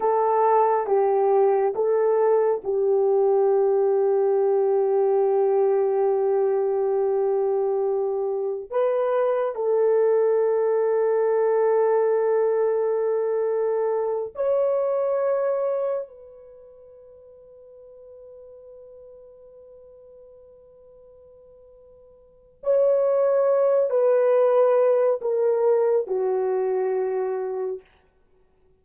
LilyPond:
\new Staff \with { instrumentName = "horn" } { \time 4/4 \tempo 4 = 69 a'4 g'4 a'4 g'4~ | g'1~ | g'2 b'4 a'4~ | a'1~ |
a'8 cis''2 b'4.~ | b'1~ | b'2 cis''4. b'8~ | b'4 ais'4 fis'2 | }